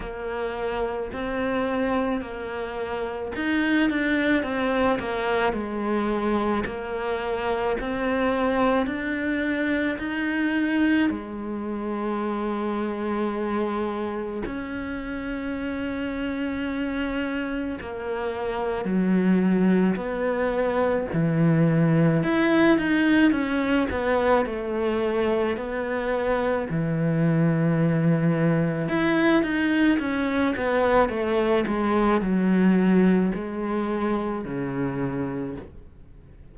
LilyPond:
\new Staff \with { instrumentName = "cello" } { \time 4/4 \tempo 4 = 54 ais4 c'4 ais4 dis'8 d'8 | c'8 ais8 gis4 ais4 c'4 | d'4 dis'4 gis2~ | gis4 cis'2. |
ais4 fis4 b4 e4 | e'8 dis'8 cis'8 b8 a4 b4 | e2 e'8 dis'8 cis'8 b8 | a8 gis8 fis4 gis4 cis4 | }